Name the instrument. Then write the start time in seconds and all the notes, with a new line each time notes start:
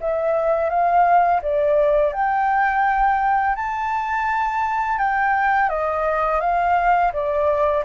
flute
0.00 E5
0.69 F5
1.42 D5
2.12 G5
3.55 A5
4.98 G5
5.69 D#5
6.40 F5
7.13 D5